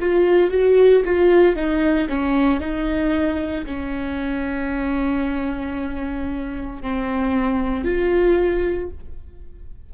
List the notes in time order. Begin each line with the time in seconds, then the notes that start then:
0.00 F4
0.51 F#4
1.05 F4
1.56 D#4
2.09 C#4
2.60 D#4
3.66 C#4
6.82 C4
7.85 F4